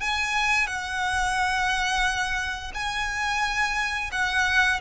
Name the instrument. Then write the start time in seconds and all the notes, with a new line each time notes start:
violin
0.00 G#5
0.67 F#5
2.74 G#5
4.11 F#5